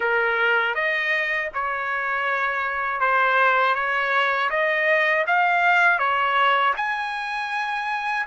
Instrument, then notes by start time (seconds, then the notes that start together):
trumpet
0.00 A#4
0.74 D#5
1.53 C#5
3.00 C5
3.74 C#5
4.50 D#5
5.26 F5
5.98 C#5
6.76 G#5